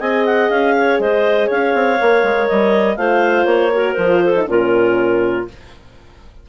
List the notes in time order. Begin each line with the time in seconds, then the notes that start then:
0.00 C4 G#4 D#5 G#5
0.25 F#5
0.50 C#4 F5
0.77 C#5
0.99 G#3 C5 D#5
1.47 C#4 C#5 F5
1.75 C4
2.00 A#3 A#4
2.23 G#3
2.48 G3 D#5
2.97 A3 F4 C5 F5
3.45 A#3 C#5
3.73 F#4 A#4
3.93 F3 F4 C5
4.24 A4
4.36 D#4
4.46 A#2 C#4 F4 A#4